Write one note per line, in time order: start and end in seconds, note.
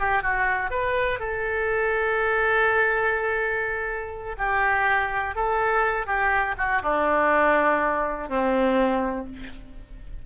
0.00 0.23 G4
0.23 0.71 F#4
0.71 1.20 B4
1.20 4.37 A4
4.38 5.35 G4
5.35 6.07 A4
6.07 6.55 G4
6.58 6.82 F#4
6.83 8.29 D4
8.29 9.27 C4